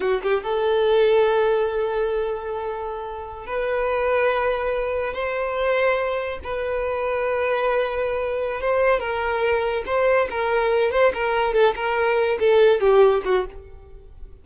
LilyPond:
\new Staff \with { instrumentName = "violin" } { \time 4/4 \tempo 4 = 143 fis'8 g'8 a'2.~ | a'1~ | a'16 b'2.~ b'8.~ | b'16 c''2. b'8.~ |
b'1~ | b'8 c''4 ais'2 c''8~ | c''8 ais'4. c''8 ais'4 a'8 | ais'4. a'4 g'4 fis'8 | }